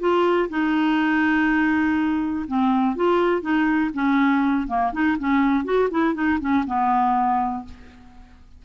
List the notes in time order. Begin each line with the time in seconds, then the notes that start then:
0.00 F4
0.49 D#4
2.48 C4
2.96 F4
3.42 D#4
3.94 C#4
4.68 A#3
4.93 D#4
5.19 C#4
5.65 F#4
5.91 E4
6.15 D#4
6.40 C#4
6.67 B3